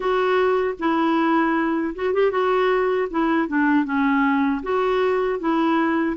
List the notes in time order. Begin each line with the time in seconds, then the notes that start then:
0.00 F#4
0.79 E4
1.95 F#4
2.13 G4
2.31 F#4
3.10 E4
3.48 D4
3.85 C#4
4.63 F#4
5.39 E4